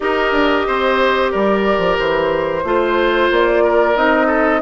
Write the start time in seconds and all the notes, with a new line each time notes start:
0.00 D#4 G4 A#4 D#5
0.32 D4
0.67 C4 C5
1.31 G3 A#4 D5
1.78 F3
1.98 E3 C5
2.63 A3 F4 C5
3.30 A#3 D5
3.63 A#4
3.95 C4 D#4 D#5
4.27 A4